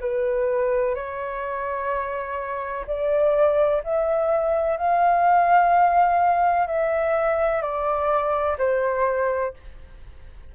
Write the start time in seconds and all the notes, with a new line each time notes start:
0.00 B4
0.95 C#5
2.87 D5
3.84 E5
4.77 F5
6.67 E5
7.62 D5
8.58 C5